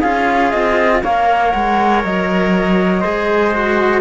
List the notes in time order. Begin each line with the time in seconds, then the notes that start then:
0.00 C#4 F4 G#4 F5
0.51 C4 D#5
1.03 A#3 A#4 C#5 F5
1.51 G#3 F#5
2.03 F#3 D#5
3.01 G#3 G#4 C5
3.54 F#4